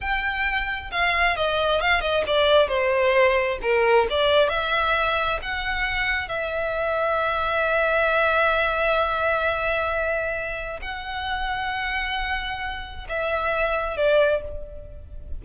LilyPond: \new Staff \with { instrumentName = "violin" } { \time 4/4 \tempo 4 = 133 g''2 f''4 dis''4 | f''8 dis''8 d''4 c''2 | ais'4 d''4 e''2 | fis''2 e''2~ |
e''1~ | e''1 | fis''1~ | fis''4 e''2 d''4 | }